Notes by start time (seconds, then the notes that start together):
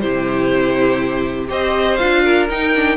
0.00 C3 E4 G4 C5
1.47 C4 G4 C5 D#5
1.96 D4 F4 F5
2.23 A#4
2.49 D#4 G5
2.75 D4